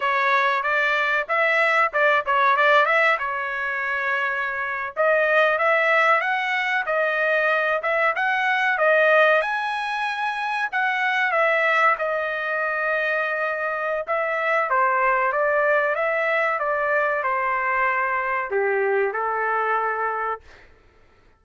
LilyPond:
\new Staff \with { instrumentName = "trumpet" } { \time 4/4 \tempo 4 = 94 cis''4 d''4 e''4 d''8 cis''8 | d''8 e''8 cis''2~ cis''8. dis''16~ | dis''8. e''4 fis''4 dis''4~ dis''16~ | dis''16 e''8 fis''4 dis''4 gis''4~ gis''16~ |
gis''8. fis''4 e''4 dis''4~ dis''16~ | dis''2 e''4 c''4 | d''4 e''4 d''4 c''4~ | c''4 g'4 a'2 | }